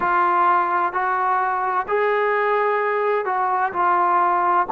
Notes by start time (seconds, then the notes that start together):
0.00 F4
0.92 F#4
1.87 G#4
3.25 F#4
3.72 F4